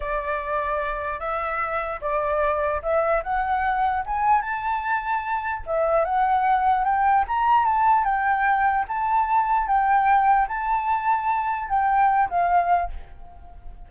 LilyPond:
\new Staff \with { instrumentName = "flute" } { \time 4/4 \tempo 4 = 149 d''2. e''4~ | e''4 d''2 e''4 | fis''2 gis''4 a''4~ | a''2 e''4 fis''4~ |
fis''4 g''4 ais''4 a''4 | g''2 a''2 | g''2 a''2~ | a''4 g''4. f''4. | }